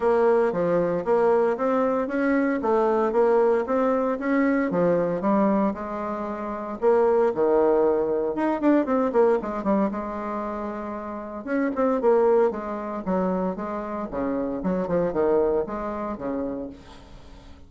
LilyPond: \new Staff \with { instrumentName = "bassoon" } { \time 4/4 \tempo 4 = 115 ais4 f4 ais4 c'4 | cis'4 a4 ais4 c'4 | cis'4 f4 g4 gis4~ | gis4 ais4 dis2 |
dis'8 d'8 c'8 ais8 gis8 g8 gis4~ | gis2 cis'8 c'8 ais4 | gis4 fis4 gis4 cis4 | fis8 f8 dis4 gis4 cis4 | }